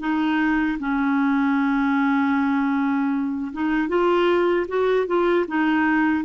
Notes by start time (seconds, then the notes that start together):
0.00 D#4
0.79 C#4
3.53 D#4
3.89 F4
4.68 F#4
5.07 F4
5.47 D#4